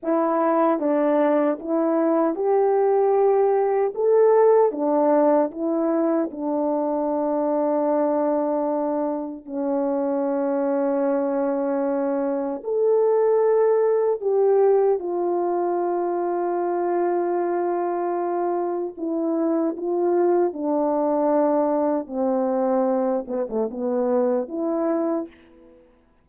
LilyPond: \new Staff \with { instrumentName = "horn" } { \time 4/4 \tempo 4 = 76 e'4 d'4 e'4 g'4~ | g'4 a'4 d'4 e'4 | d'1 | cis'1 |
a'2 g'4 f'4~ | f'1 | e'4 f'4 d'2 | c'4. b16 a16 b4 e'4 | }